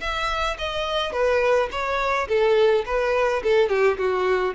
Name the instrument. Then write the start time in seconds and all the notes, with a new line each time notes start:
violin
0.00 E5
0.58 D#5
1.12 B4
1.71 C#5
2.28 A4
2.86 B4
3.43 A4
3.69 G4
3.97 F#4